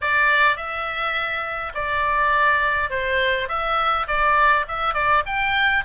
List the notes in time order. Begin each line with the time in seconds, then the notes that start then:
0.01 D5
0.56 E5
1.74 D5
2.90 C5
3.48 E5
4.07 D5
4.68 E5
4.94 D5
5.26 G5